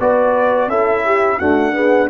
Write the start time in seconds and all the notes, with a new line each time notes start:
0.00 B3 F#4 B4 D5
0.68 C#4 E4 A4 E5
1.06 G4
1.39 A3 D4 F#4 F#5
1.73 B3 G#4